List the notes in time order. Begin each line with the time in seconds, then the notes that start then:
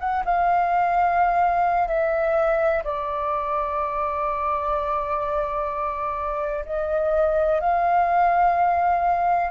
0.00 F#5
0.25 F5
1.88 E5
2.84 D5
6.65 D#5
7.61 F5